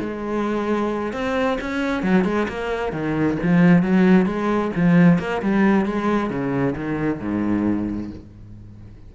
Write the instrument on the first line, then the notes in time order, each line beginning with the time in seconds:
cello
0.00 G#3
1.13 C4
1.61 C#4
2.03 F#3
2.25 G#3
2.48 A#3
2.92 D#3
3.43 F3
3.82 F#3
4.26 G#3
4.76 F3
5.19 A#3
5.42 G3
5.86 G#3
6.30 C#3
6.75 D#3
7.20 G#2